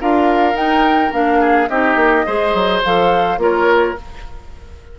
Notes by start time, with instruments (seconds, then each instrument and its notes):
0.00 bassoon D4, clarinet F4, oboe A#4, flute F5
0.54 bassoon D#4, clarinet D#4, flute G5
1.12 bassoon A#3, clarinet D4, flute F5
1.40 oboe G#4
1.69 bassoon C4, clarinet D#4, oboe G4, flute D#5
1.95 bassoon A#3
2.26 bassoon G#3, clarinet G#4, oboe C5
2.54 bassoon F#3
2.84 bassoon F3, clarinet A4, flute F5
3.37 bassoon A#3, clarinet F4, oboe A#4, flute C#5